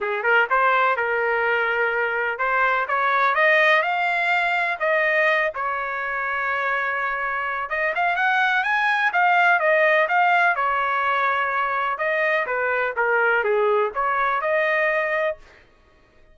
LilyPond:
\new Staff \with { instrumentName = "trumpet" } { \time 4/4 \tempo 4 = 125 gis'8 ais'8 c''4 ais'2~ | ais'4 c''4 cis''4 dis''4 | f''2 dis''4. cis''8~ | cis''1 |
dis''8 f''8 fis''4 gis''4 f''4 | dis''4 f''4 cis''2~ | cis''4 dis''4 b'4 ais'4 | gis'4 cis''4 dis''2 | }